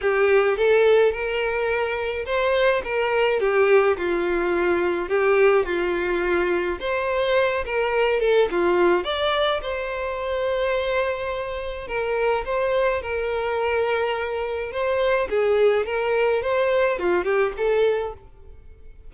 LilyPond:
\new Staff \with { instrumentName = "violin" } { \time 4/4 \tempo 4 = 106 g'4 a'4 ais'2 | c''4 ais'4 g'4 f'4~ | f'4 g'4 f'2 | c''4. ais'4 a'8 f'4 |
d''4 c''2.~ | c''4 ais'4 c''4 ais'4~ | ais'2 c''4 gis'4 | ais'4 c''4 f'8 g'8 a'4 | }